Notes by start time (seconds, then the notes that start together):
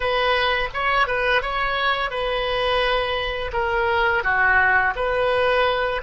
0.00 B4
0.73 C#5
1.07 B4
1.41 C#5
2.10 B4
3.53 A#4
4.23 F#4
4.95 B4